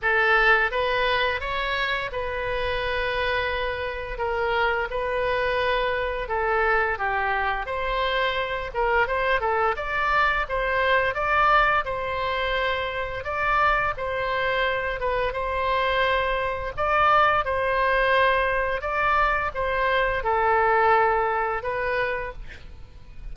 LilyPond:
\new Staff \with { instrumentName = "oboe" } { \time 4/4 \tempo 4 = 86 a'4 b'4 cis''4 b'4~ | b'2 ais'4 b'4~ | b'4 a'4 g'4 c''4~ | c''8 ais'8 c''8 a'8 d''4 c''4 |
d''4 c''2 d''4 | c''4. b'8 c''2 | d''4 c''2 d''4 | c''4 a'2 b'4 | }